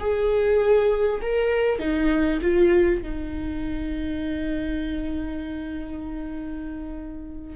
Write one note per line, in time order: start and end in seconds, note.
0.00 1.21 G#4
1.22 1.80 A#4
1.80 2.40 D#4
2.42 3.02 F4
3.02 7.56 D#4